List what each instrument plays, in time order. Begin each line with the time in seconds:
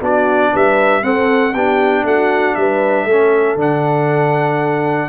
0.00 tuba B3, trombone D4, horn F#4, trumpet D5
0.52 tuba G3, horn B4, trumpet E5
1.02 trombone C4, tuba C4, horn A4, trumpet F#5
1.53 tuba B3, trombone D4, horn G4, trumpet G5
2.04 tuba A3, horn F#4, trumpet F#5
2.55 tuba G3, horn B4, trumpet E5
3.04 tuba A3, trombone C#4, horn A4
3.55 tuba D3, trombone D4, trumpet F#5